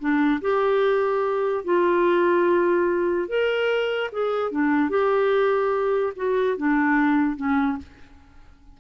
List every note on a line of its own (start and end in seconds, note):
0.00 0.41 D4
0.42 1.65 G4
1.65 3.29 F4
3.29 4.11 A#4
4.12 4.51 G#4
4.51 4.90 D4
4.90 6.13 G4
6.16 6.58 F#4
6.58 7.37 D4
7.37 7.78 C#4